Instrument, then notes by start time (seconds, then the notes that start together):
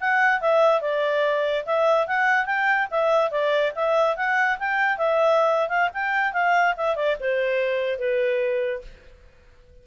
clarinet
0.00 F#5
0.41 E5
0.81 D5
1.65 E5
2.07 F#5
2.45 G5
2.90 E5
3.30 D5
3.75 E5
4.16 F#5
4.58 G5
4.97 E5
5.68 F5
5.93 G5
6.33 F5
6.77 E5
6.95 D5
7.20 C5
7.98 B4